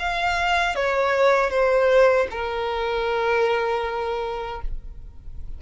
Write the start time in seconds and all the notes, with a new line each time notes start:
0.00 F5
0.76 C#5
1.51 C5
2.31 A#4